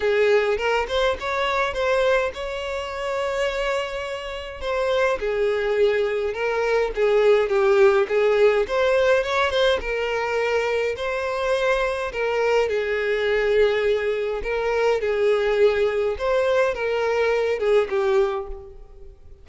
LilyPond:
\new Staff \with { instrumentName = "violin" } { \time 4/4 \tempo 4 = 104 gis'4 ais'8 c''8 cis''4 c''4 | cis''1 | c''4 gis'2 ais'4 | gis'4 g'4 gis'4 c''4 |
cis''8 c''8 ais'2 c''4~ | c''4 ais'4 gis'2~ | gis'4 ais'4 gis'2 | c''4 ais'4. gis'8 g'4 | }